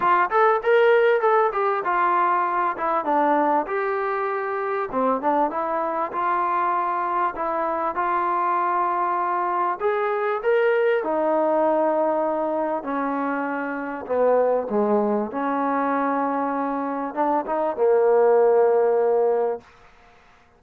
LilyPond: \new Staff \with { instrumentName = "trombone" } { \time 4/4 \tempo 4 = 98 f'8 a'8 ais'4 a'8 g'8 f'4~ | f'8 e'8 d'4 g'2 | c'8 d'8 e'4 f'2 | e'4 f'2. |
gis'4 ais'4 dis'2~ | dis'4 cis'2 b4 | gis4 cis'2. | d'8 dis'8 ais2. | }